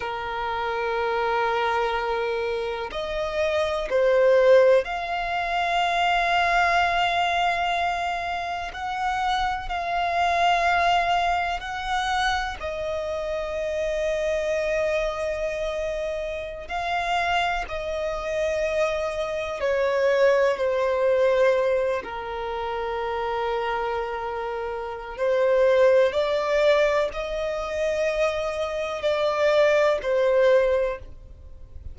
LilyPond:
\new Staff \with { instrumentName = "violin" } { \time 4/4 \tempo 4 = 62 ais'2. dis''4 | c''4 f''2.~ | f''4 fis''4 f''2 | fis''4 dis''2.~ |
dis''4~ dis''16 f''4 dis''4.~ dis''16~ | dis''16 cis''4 c''4. ais'4~ ais'16~ | ais'2 c''4 d''4 | dis''2 d''4 c''4 | }